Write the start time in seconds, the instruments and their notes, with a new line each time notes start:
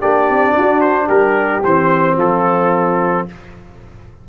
0.00 tuba A#3, trombone D4, horn G4, trumpet D5
0.29 tuba C4
0.54 tuba D4, horn F#4
0.81 trumpet C5
1.07 tuba G3, horn G4, trumpet A#4
1.64 tuba E3, trombone C4, trumpet C5
2.17 tuba F3, horn F4, trumpet A4